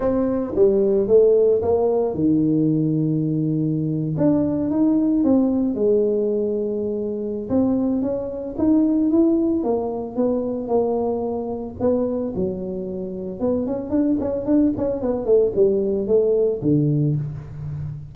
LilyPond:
\new Staff \with { instrumentName = "tuba" } { \time 4/4 \tempo 4 = 112 c'4 g4 a4 ais4 | dis2.~ dis8. d'16~ | d'8. dis'4 c'4 gis4~ gis16~ | gis2 c'4 cis'4 |
dis'4 e'4 ais4 b4 | ais2 b4 fis4~ | fis4 b8 cis'8 d'8 cis'8 d'8 cis'8 | b8 a8 g4 a4 d4 | }